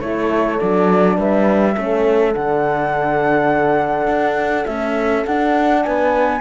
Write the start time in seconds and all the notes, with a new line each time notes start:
0.00 A3 E4 A4 C#5
0.59 F#3 D4 D5
1.17 G3 B4 E5
1.75 A3 C#4 A4
2.33 D3 D4 F#5
4.07 D4
4.65 A3 C#4 E5
5.25 D4 F#5
5.83 B3 B4 G#5